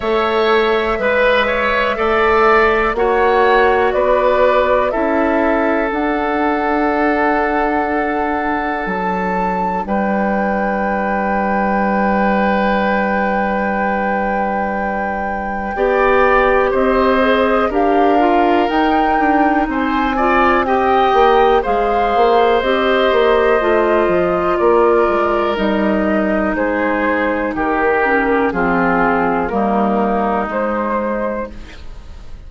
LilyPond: <<
  \new Staff \with { instrumentName = "flute" } { \time 4/4 \tempo 4 = 61 e''2. fis''4 | d''4 e''4 fis''2~ | fis''4 a''4 g''2~ | g''1~ |
g''4 dis''4 f''4 g''4 | gis''4 g''4 f''4 dis''4~ | dis''4 d''4 dis''4 c''4 | ais'4 gis'4 ais'4 c''4 | }
  \new Staff \with { instrumentName = "oboe" } { \time 4/4 cis''4 b'8 cis''8 d''4 cis''4 | b'4 a'2.~ | a'2 b'2~ | b'1 |
d''4 c''4 ais'2 | c''8 d''8 dis''4 c''2~ | c''4 ais'2 gis'4 | g'4 f'4 dis'2 | }
  \new Staff \with { instrumentName = "clarinet" } { \time 4/4 a'4 b'4 a'4 fis'4~ | fis'4 e'4 d'2~ | d'1~ | d'1 |
g'4. gis'8 g'8 f'8 dis'4~ | dis'8 f'8 g'4 gis'4 g'4 | f'2 dis'2~ | dis'8 cis'8 c'4 ais4 gis4 | }
  \new Staff \with { instrumentName = "bassoon" } { \time 4/4 a4 gis4 a4 ais4 | b4 cis'4 d'2~ | d'4 fis4 g2~ | g1 |
b4 c'4 d'4 dis'8 d'8 | c'4. ais8 gis8 ais8 c'8 ais8 | a8 f8 ais8 gis8 g4 gis4 | dis4 f4 g4 gis4 | }
>>